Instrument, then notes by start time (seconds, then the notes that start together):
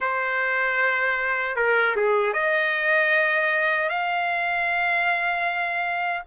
trumpet
0.00 C5
1.56 A#4
1.96 G#4
2.33 D#5
3.89 F5